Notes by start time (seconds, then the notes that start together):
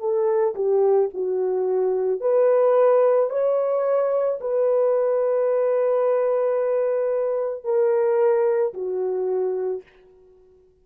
0.00 A4
0.56 G4
1.15 F#4
2.21 B4
3.30 C#5
4.41 B4
7.65 A#4
8.74 F#4